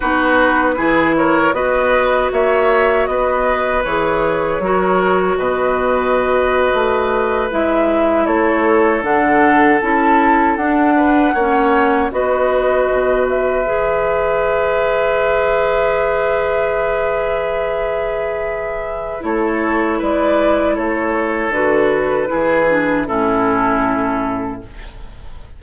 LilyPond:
<<
  \new Staff \with { instrumentName = "flute" } { \time 4/4 \tempo 4 = 78 b'4. cis''8 dis''4 e''4 | dis''4 cis''2 dis''4~ | dis''4.~ dis''16 e''4 cis''4 fis''16~ | fis''8. a''4 fis''2 dis''16~ |
dis''4~ dis''16 e''2~ e''8.~ | e''1~ | e''4 cis''4 d''4 cis''4 | b'2 a'2 | }
  \new Staff \with { instrumentName = "oboe" } { \time 4/4 fis'4 gis'8 ais'8 b'4 cis''4 | b'2 ais'4 b'4~ | b'2~ b'8. a'4~ a'16~ | a'2~ a'16 b'8 cis''4 b'16~ |
b'1~ | b'1~ | b'4 a'4 b'4 a'4~ | a'4 gis'4 e'2 | }
  \new Staff \with { instrumentName = "clarinet" } { \time 4/4 dis'4 e'4 fis'2~ | fis'4 gis'4 fis'2~ | fis'4.~ fis'16 e'2 d'16~ | d'8. e'4 d'4 cis'4 fis'16~ |
fis'4.~ fis'16 gis'2~ gis'16~ | gis'1~ | gis'4 e'2. | fis'4 e'8 d'8 cis'2 | }
  \new Staff \with { instrumentName = "bassoon" } { \time 4/4 b4 e4 b4 ais4 | b4 e4 fis4 b,4~ | b,8. a4 gis4 a4 d16~ | d8. cis'4 d'4 ais4 b16~ |
b8. b,4 e2~ e16~ | e1~ | e4 a4 gis4 a4 | d4 e4 a,2 | }
>>